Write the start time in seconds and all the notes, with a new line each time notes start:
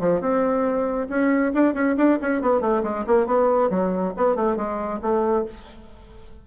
0.00 F3
0.21 C4
1.09 C#4
1.54 D4
1.74 C#4
1.97 D4
2.21 C#4
2.41 B3
2.61 A3
2.83 G#3
3.07 A#3
3.26 B3
3.70 F#3
4.17 B3
4.35 A3
4.56 G#3
5.02 A3